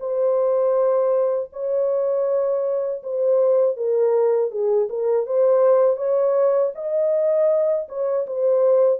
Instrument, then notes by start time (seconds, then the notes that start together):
horn
0.00 C5
1.53 C#5
3.03 C5
3.77 A#4
4.51 G#4
4.90 A#4
5.27 C5
5.97 C#5
6.75 D#5
7.89 C#5
8.27 C5